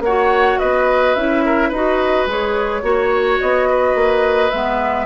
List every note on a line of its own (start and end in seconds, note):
0.00 0.56 A#3
0.00 0.60 C#5
0.00 0.59 F#5
0.07 1.18 F#4
0.59 1.16 B3
0.59 1.44 B4
0.59 1.15 D#5
1.15 1.71 C#4
1.15 1.74 E4
1.15 1.71 E5
1.45 1.69 A#4
1.69 2.26 D#4
1.69 2.29 F#4
1.69 2.81 B4
1.69 2.27 D#5
2.26 2.82 G#3
2.26 2.82 G#4
2.26 3.41 C#5
2.82 3.38 A#3
2.82 4.51 F#4
2.82 3.69 C#5
3.41 3.95 B3
3.41 4.50 D#5
3.69 5.06 B4
3.95 4.51 A#3
4.50 5.06 G#3
4.50 5.06 B3
4.50 5.06 E5